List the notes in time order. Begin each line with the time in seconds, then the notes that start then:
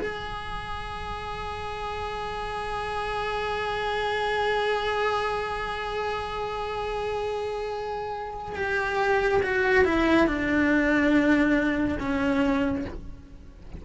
0.00 G#4
8.56 G4
9.42 F#4
9.85 E4
10.27 D4
11.99 C#4